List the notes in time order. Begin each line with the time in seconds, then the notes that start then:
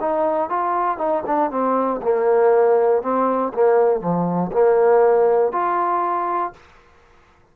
0.00 D#4
0.49 F4
0.97 D#4
1.26 D4
1.50 C4
2.02 A#3
3.02 C4
3.53 A#3
4.00 F3
4.52 A#3
5.52 F4